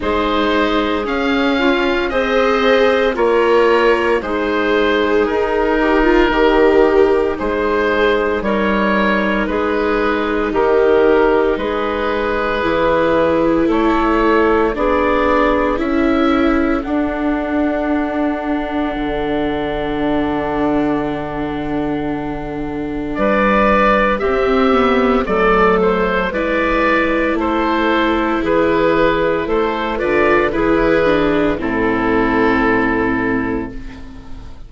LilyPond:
<<
  \new Staff \with { instrumentName = "oboe" } { \time 4/4 \tempo 4 = 57 c''4 f''4 dis''4 cis''4 | c''4 ais'2 c''4 | cis''4 b'4 ais'4 b'4~ | b'4 cis''4 d''4 e''4 |
fis''1~ | fis''2 d''4 e''4 | d''8 c''8 d''4 c''4 b'4 | c''8 d''8 b'4 a'2 | }
  \new Staff \with { instrumentName = "clarinet" } { \time 4/4 gis'4. f'8 c''4 f'4 | dis'1 | ais'4 gis'4 g'4 gis'4~ | gis'4 a'4 gis'4 a'4~ |
a'1~ | a'2 b'4 g'4 | a'4 b'4 a'4 gis'4 | a'8 b'8 gis'4 e'2 | }
  \new Staff \with { instrumentName = "viola" } { \time 4/4 dis'4 cis'4 gis'4 ais'4 | gis'4. g'16 f'16 g'4 gis'4 | dis'1 | e'2 d'4 e'4 |
d'1~ | d'2. c'8 b8 | a4 e'2.~ | e'8 f'8 e'8 d'8 c'2 | }
  \new Staff \with { instrumentName = "bassoon" } { \time 4/4 gis4 cis'4 c'4 ais4 | gis4 dis'4 dis4 gis4 | g4 gis4 dis4 gis4 | e4 a4 b4 cis'4 |
d'2 d2~ | d2 g4 c'4 | fis4 gis4 a4 e4 | a8 d8 e4 a,2 | }
>>